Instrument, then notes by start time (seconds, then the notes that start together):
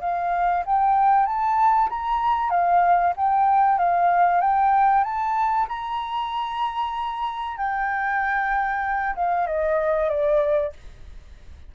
flute
0.00 F5
0.65 G5
1.26 A5
1.89 A#5
2.49 F5
3.16 G5
3.78 F5
4.40 G5
5.04 A5
5.68 A#5
7.57 G5
9.15 F5
9.47 D#5
10.09 D5